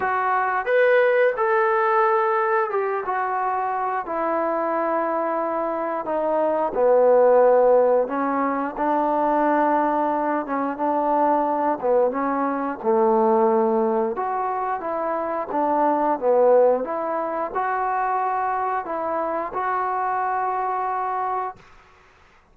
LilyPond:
\new Staff \with { instrumentName = "trombone" } { \time 4/4 \tempo 4 = 89 fis'4 b'4 a'2 | g'8 fis'4. e'2~ | e'4 dis'4 b2 | cis'4 d'2~ d'8 cis'8 |
d'4. b8 cis'4 a4~ | a4 fis'4 e'4 d'4 | b4 e'4 fis'2 | e'4 fis'2. | }